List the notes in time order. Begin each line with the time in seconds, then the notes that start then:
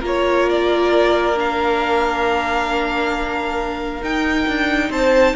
0.00 A#3 F4 A#4 C#5
0.49 D5
1.35 D4 F5
4.01 D#4 G5
4.47 D4
4.89 C4 C5 A5